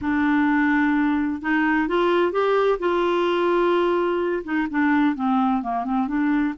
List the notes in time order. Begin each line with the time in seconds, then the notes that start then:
0.01 D4
1.41 D#4
1.87 F4
2.31 G4
2.79 F4
4.43 D#4
4.70 D4
5.15 C4
5.62 A#3
5.84 C4
6.07 D4